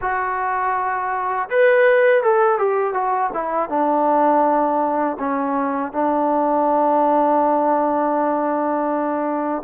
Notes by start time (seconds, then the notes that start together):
0.01 F#4
1.49 B4
2.22 A4
2.58 G4
2.93 F#4
3.33 E4
3.69 D4
5.19 C#4
5.92 D4